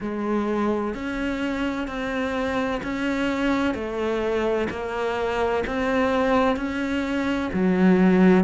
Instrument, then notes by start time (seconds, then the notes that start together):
cello
0.00 G#3
0.94 C#4
1.87 C4
2.83 C#4
3.74 A3
4.70 A#3
5.66 C4
6.56 C#4
7.53 F#3